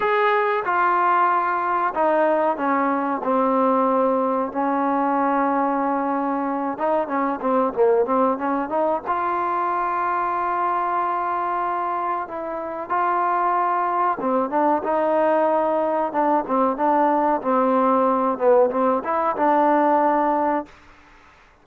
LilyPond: \new Staff \with { instrumentName = "trombone" } { \time 4/4 \tempo 4 = 93 gis'4 f'2 dis'4 | cis'4 c'2 cis'4~ | cis'2~ cis'8 dis'8 cis'8 c'8 | ais8 c'8 cis'8 dis'8 f'2~ |
f'2. e'4 | f'2 c'8 d'8 dis'4~ | dis'4 d'8 c'8 d'4 c'4~ | c'8 b8 c'8 e'8 d'2 | }